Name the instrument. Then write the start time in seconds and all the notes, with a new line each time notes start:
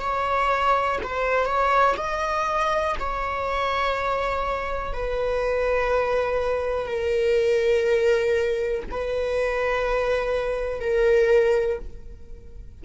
viola
0.00 C#5
1.03 C5
1.45 C#5
1.97 D#5
2.99 C#5
4.93 B4
6.86 A#4
8.91 B4
10.80 A#4